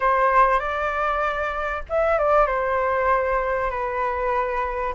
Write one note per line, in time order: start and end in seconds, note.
0.00 0.59 C5
0.59 1.83 D5
1.89 2.18 E5
2.18 2.46 D5
2.46 3.70 C5
3.70 4.94 B4